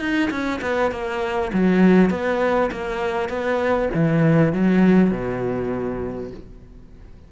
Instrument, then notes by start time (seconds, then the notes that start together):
cello
0.00 D#4
0.31 C#4
0.62 B3
0.92 A#3
1.53 F#3
2.10 B3
2.72 A#3
3.29 B3
3.95 E3
4.53 F#3
5.11 B2